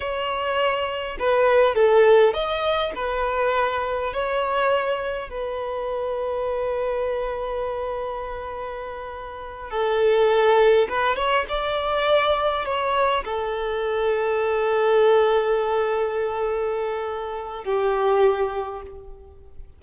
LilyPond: \new Staff \with { instrumentName = "violin" } { \time 4/4 \tempo 4 = 102 cis''2 b'4 a'4 | dis''4 b'2 cis''4~ | cis''4 b'2.~ | b'1~ |
b'8 a'2 b'8 cis''8 d''8~ | d''4. cis''4 a'4.~ | a'1~ | a'2 g'2 | }